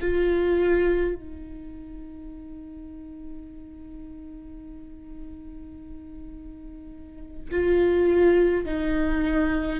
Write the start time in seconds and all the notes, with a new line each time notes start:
0.00 F4
1.15 D#4
7.51 F4
8.65 D#4